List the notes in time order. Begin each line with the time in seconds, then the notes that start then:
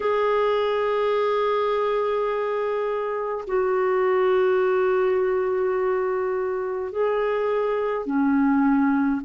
0.00 G#4
3.47 F#4
6.92 G#4
8.06 C#4